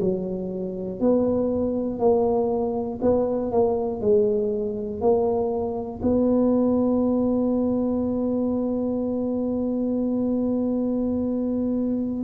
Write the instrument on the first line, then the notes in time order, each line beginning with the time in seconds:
tuba
0.00 F#3
1.00 B3
2.00 A#3
3.01 B3
3.51 A#3
4.01 G#3
5.01 A#3
6.03 B3